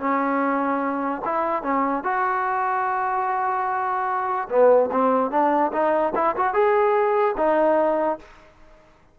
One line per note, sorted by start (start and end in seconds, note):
0.00 1.22 C#4
1.25 1.63 E4
1.63 2.04 C#4
2.04 4.49 F#4
4.50 4.90 B3
4.92 5.31 C4
5.31 5.72 D4
5.73 6.14 D#4
6.16 6.36 E4
6.37 6.54 F#4
6.54 7.36 G#4
7.38 8.19 D#4